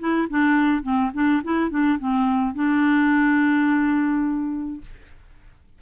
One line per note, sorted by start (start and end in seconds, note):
0.00 0.28 E4
0.30 0.83 D4
0.83 1.11 C4
1.14 1.43 D4
1.44 1.71 E4
1.71 1.99 D4
1.99 2.55 C4
2.55 4.81 D4